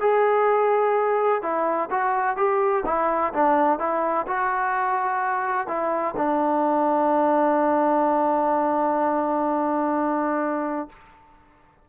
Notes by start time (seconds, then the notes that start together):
0.00 G#4
1.42 E4
1.90 F#4
2.36 G4
2.85 E4
3.33 D4
3.79 E4
4.26 F#4
5.67 E4
6.16 D4